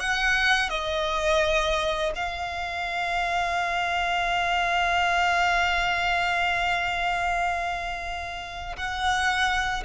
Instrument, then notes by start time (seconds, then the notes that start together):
violin
0.00 F#5
0.69 D#5
2.16 F5
8.76 F#5